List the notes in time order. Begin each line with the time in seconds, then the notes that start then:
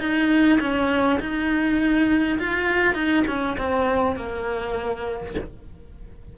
0.00 D#4
0.61 C#4
1.20 D#4
2.40 F4
2.95 D#4
3.28 C#4
3.58 C4
4.17 A#3